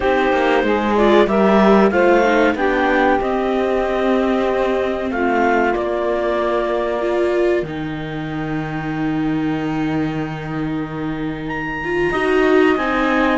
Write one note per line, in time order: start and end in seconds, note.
0.00 0.32 C4
0.00 0.95 D#4
0.00 0.63 G4
0.00 0.95 C5
0.32 0.63 A#3
0.63 1.27 G#3
0.63 1.27 G#4
0.96 1.27 F4
0.96 1.27 D5
1.27 1.91 G3
1.27 1.91 G4
1.27 1.92 A#4
1.27 1.90 E5
1.90 2.54 A3
1.90 2.24 F4
1.90 2.56 C5
1.90 2.54 F5
2.24 2.55 D#4
2.54 3.18 B3
2.54 3.20 D4
2.54 5.11 G4
2.54 3.20 G5
3.20 5.72 C4
3.20 5.10 C4
3.20 5.10 D#5
5.10 5.74 A3
5.10 7.00 F4
5.10 5.73 F5
5.72 7.00 A#3
5.72 7.62 A#3
5.72 7.64 D5
7.00 7.64 F4
7.00 12.11 A#4
7.62 12.09 D#3
7.62 11.81 D#4
7.62 11.47 G5
11.47 12.75 A#5
11.84 12.14 F4
12.11 12.76 D#4
12.11 12.77 F#4
12.11 13.37 D#5
12.76 13.37 C4
12.76 13.37 D#4
12.76 13.37 G#5